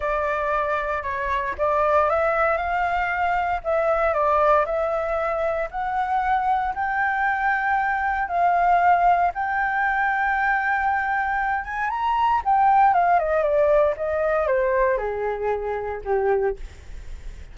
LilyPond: \new Staff \with { instrumentName = "flute" } { \time 4/4 \tempo 4 = 116 d''2 cis''4 d''4 | e''4 f''2 e''4 | d''4 e''2 fis''4~ | fis''4 g''2. |
f''2 g''2~ | g''2~ g''8 gis''8 ais''4 | g''4 f''8 dis''8 d''4 dis''4 | c''4 gis'2 g'4 | }